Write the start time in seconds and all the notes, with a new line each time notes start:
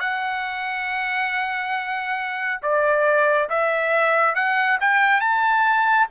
0.00 F#5
2.62 D5
3.49 E5
4.35 F#5
4.81 G5
5.21 A5